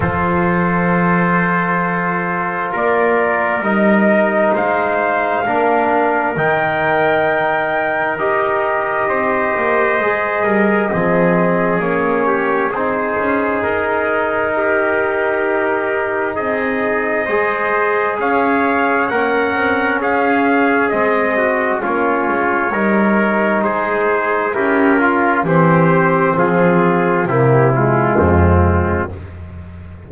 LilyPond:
<<
  \new Staff \with { instrumentName = "trumpet" } { \time 4/4 \tempo 4 = 66 c''2. d''4 | dis''4 f''2 g''4~ | g''4 dis''2.~ | dis''4 cis''4 c''4 ais'4~ |
ais'2 dis''2 | f''4 fis''4 f''4 dis''4 | cis''2 c''4 ais'4 | c''4 gis'4 g'8 f'4. | }
  \new Staff \with { instrumentName = "trumpet" } { \time 4/4 a'2. ais'4~ | ais'4 c''4 ais'2~ | ais'2 c''4. ais'8 | gis'4. g'8 gis'2 |
g'2 gis'4 c''4 | cis''4 ais'4 gis'4. fis'8 | f'4 ais'4 gis'4 g'8 f'8 | g'4 f'4 e'4 c'4 | }
  \new Staff \with { instrumentName = "trombone" } { \time 4/4 f'1 | dis'2 d'4 dis'4~ | dis'4 g'2 gis'4 | c'4 cis'4 dis'2~ |
dis'2. gis'4~ | gis'4 cis'2 c'4 | cis'4 dis'2 e'8 f'8 | c'2 ais8 gis4. | }
  \new Staff \with { instrumentName = "double bass" } { \time 4/4 f2. ais4 | g4 gis4 ais4 dis4~ | dis4 dis'4 c'8 ais8 gis8 g8 | f4 ais4 c'8 cis'8 dis'4~ |
dis'2 c'4 gis4 | cis'4 ais8 c'8 cis'4 gis4 | ais8 gis8 g4 gis4 cis'4 | e4 f4 c4 f,4 | }
>>